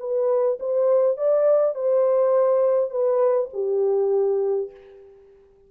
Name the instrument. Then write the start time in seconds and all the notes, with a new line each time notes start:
horn
0.00 B4
0.60 C5
1.18 D5
1.75 C5
2.91 B4
3.53 G4